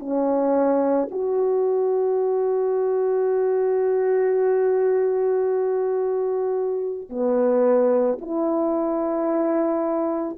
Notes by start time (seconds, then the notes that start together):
0.00 C#4
1.12 F#4
7.10 B3
8.22 E4